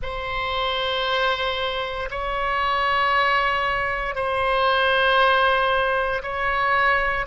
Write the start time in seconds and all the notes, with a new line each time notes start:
0.02 C5
2.10 C#5
4.15 C5
6.22 C#5